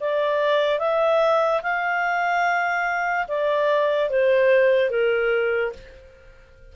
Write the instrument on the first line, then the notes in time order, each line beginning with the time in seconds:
clarinet
0.00 D5
0.78 E5
1.62 F5
3.28 D5
4.09 C5
4.90 A#4